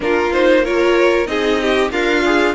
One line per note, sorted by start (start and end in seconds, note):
0.00 1.26 A#3
0.00 0.30 D4
0.00 0.64 F4
0.00 0.32 A#4
0.32 0.64 D#4
0.32 0.64 C5
0.64 1.26 F4
0.64 1.28 A#4
0.64 1.26 C#5
1.26 1.90 C4
1.26 1.89 D#4
1.26 1.61 G#4
1.26 1.90 D#5
1.61 1.91 G4
1.91 2.55 D4
1.91 2.55 F4
1.91 2.23 A#4
1.91 2.55 F5
2.24 2.55 G#4